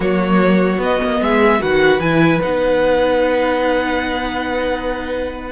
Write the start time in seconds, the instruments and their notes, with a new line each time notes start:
0.00 cello F#3, viola A#3, violin F#4 C#5
0.78 cello B3, viola B3, violin D#5
1.03 cello A#3
1.20 cello G#3, violin G#4 E5
1.59 cello D#3, viola F#4, violin B4 F#5
1.99 cello E3, viola E4, violin G#5
2.41 cello B3, viola D#4, violin F#5